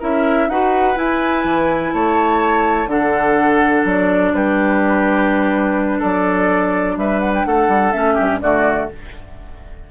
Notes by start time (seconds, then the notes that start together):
0.00 C#4 E4 A#4 E5
0.48 D#4 F#4 B4 F#5
0.96 E4 G#5
1.44 E3
1.93 A3 C#5 A5
2.86 D3 D4 A4 F#5
3.85 F#3 D5
4.33 G3 G4 B4
5.99 F#3 A4 D5
6.97 G3 B4 E5
7.20 F#5
7.34 G5
7.45 A3 A4 F#5
7.68 G3
7.92 A3 C#4 E5
8.14 G2 G4
8.41 D3 A3 F#4 D5